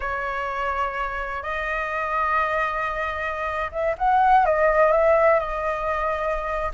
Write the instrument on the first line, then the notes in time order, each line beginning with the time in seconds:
flute
0.00 C#5
1.42 D#5
3.71 E5
3.97 F#5
4.45 D#5
4.92 E5
5.39 D#5